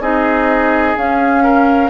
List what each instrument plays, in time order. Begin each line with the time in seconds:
0.00 bassoon C4, clarinet D#4, oboe G#4, flute D#5
0.96 bassoon C#4, clarinet C#4, flute F5
1.43 oboe A#4